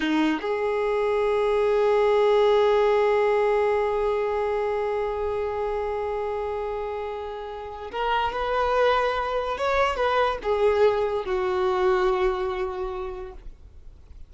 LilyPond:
\new Staff \with { instrumentName = "violin" } { \time 4/4 \tempo 4 = 144 dis'4 gis'2.~ | gis'1~ | gis'1~ | gis'1~ |
gis'2. ais'4 | b'2. cis''4 | b'4 gis'2 fis'4~ | fis'1 | }